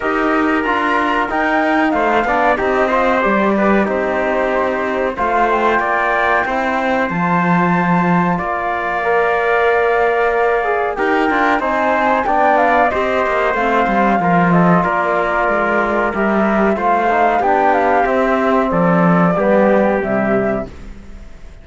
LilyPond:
<<
  \new Staff \with { instrumentName = "flute" } { \time 4/4 \tempo 4 = 93 dis''4 ais''4 g''4 f''4 | dis''4 d''4 c''2 | f''8 g''2~ g''8 a''4~ | a''4 f''2.~ |
f''4 g''4 gis''4 g''8 f''8 | dis''4 f''4. dis''8 d''4~ | d''4 e''4 f''4 g''8 f''8 | e''4 d''2 e''4 | }
  \new Staff \with { instrumentName = "trumpet" } { \time 4/4 ais'2. c''8 d''8 | g'8 c''4 b'8 g'2 | c''4 d''4 c''2~ | c''4 d''2.~ |
d''4 ais'4 c''4 d''4 | c''2 ais'8 a'8 ais'4~ | ais'2 c''4 g'4~ | g'4 a'4 g'2 | }
  \new Staff \with { instrumentName = "trombone" } { \time 4/4 g'4 f'4 dis'4. d'8 | dis'8 f'8 g'4 dis'2 | f'2 e'4 f'4~ | f'2 ais'2~ |
ais'8 gis'8 g'8 f'8 dis'4 d'4 | g'4 c'4 f'2~ | f'4 g'4 f'8 dis'8 d'4 | c'2 b4 g4 | }
  \new Staff \with { instrumentName = "cello" } { \time 4/4 dis'4 d'4 dis'4 a8 b8 | c'4 g4 c'2 | a4 ais4 c'4 f4~ | f4 ais2.~ |
ais4 dis'8 d'8 c'4 b4 | c'8 ais8 a8 g8 f4 ais4 | gis4 g4 a4 b4 | c'4 f4 g4 c4 | }
>>